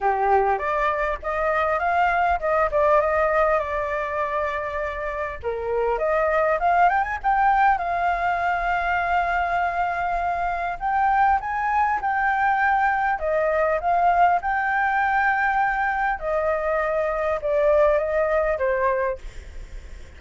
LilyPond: \new Staff \with { instrumentName = "flute" } { \time 4/4 \tempo 4 = 100 g'4 d''4 dis''4 f''4 | dis''8 d''8 dis''4 d''2~ | d''4 ais'4 dis''4 f''8 g''16 gis''16 | g''4 f''2.~ |
f''2 g''4 gis''4 | g''2 dis''4 f''4 | g''2. dis''4~ | dis''4 d''4 dis''4 c''4 | }